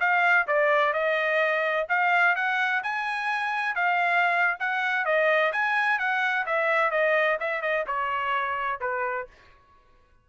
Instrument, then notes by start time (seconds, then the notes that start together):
trumpet
0.00 F5
0.47 D5
0.93 D#5
1.89 F5
2.36 F#5
2.83 G#5
3.76 F5
4.60 F#5
5.05 D#5
5.53 G#5
5.99 F#5
6.46 E5
6.91 D#5
7.40 E5
7.62 D#5
7.87 C#5
8.80 B4